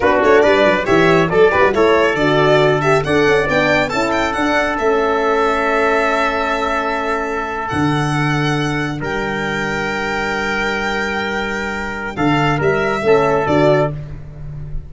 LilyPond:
<<
  \new Staff \with { instrumentName = "violin" } { \time 4/4 \tempo 4 = 138 b'8 cis''8 d''4 e''4 a'8 b'8 | cis''4 d''4. e''8 fis''4 | g''4 a''8 g''8 fis''4 e''4~ | e''1~ |
e''4.~ e''16 fis''2~ fis''16~ | fis''8. g''2.~ g''16~ | g''1 | f''4 e''2 d''4 | }
  \new Staff \with { instrumentName = "trumpet" } { \time 4/4 fis'4 b'4 cis''4 d''4 | a'2. d''4~ | d''4 a'2.~ | a'1~ |
a'1~ | a'8. ais'2.~ ais'16~ | ais'1 | a'4 ais'4 a'2 | }
  \new Staff \with { instrumentName = "horn" } { \time 4/4 d'2 g'4 a'8 g'16 fis'16 | e'4 fis'4. g'8 a'4 | d'4 e'4 d'4 cis'4~ | cis'1~ |
cis'4.~ cis'16 d'2~ d'16~ | d'1~ | d'1~ | d'2 cis'4 fis'4 | }
  \new Staff \with { instrumentName = "tuba" } { \time 4/4 b8 a8 g8 fis8 e4 fis8 g8 | a4 d2 d'8 cis'8 | b4 cis'4 d'4 a4~ | a1~ |
a4.~ a16 d2~ d16~ | d8. g2.~ g16~ | g1 | d4 g4 a4 d4 | }
>>